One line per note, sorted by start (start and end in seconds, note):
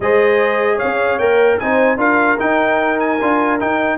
0.00 0.79 G#3
0.00 1.20 G#4
0.00 0.76 C5
0.00 0.79 D#5
0.76 1.56 C#5
0.76 1.19 F5
0.84 1.18 C#4
1.18 1.58 A#3
1.18 1.60 A#4
1.18 1.59 G5
1.59 1.96 C4
1.59 1.97 D#4
1.59 1.99 C5
1.59 1.99 G#5
1.96 2.36 D4
1.96 2.37 F4
1.96 3.98 A#4
1.96 2.39 F5
2.38 3.18 D#4
2.38 3.20 D#4
2.38 2.99 G5
2.99 3.59 G#5
3.21 3.61 D4
3.21 3.59 F4
3.59 3.98 D#4
3.59 3.98 G5